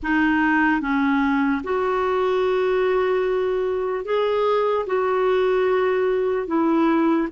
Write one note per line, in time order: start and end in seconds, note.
0.02 0.80 D#4
0.80 1.61 C#4
1.63 4.05 F#4
4.05 4.86 G#4
4.86 6.46 F#4
6.46 7.28 E4